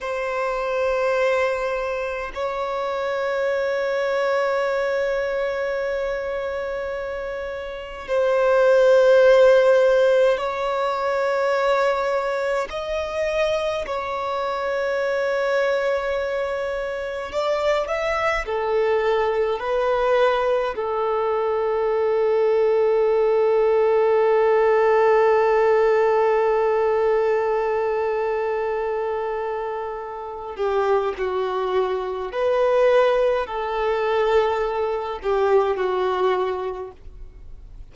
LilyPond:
\new Staff \with { instrumentName = "violin" } { \time 4/4 \tempo 4 = 52 c''2 cis''2~ | cis''2. c''4~ | c''4 cis''2 dis''4 | cis''2. d''8 e''8 |
a'4 b'4 a'2~ | a'1~ | a'2~ a'8 g'8 fis'4 | b'4 a'4. g'8 fis'4 | }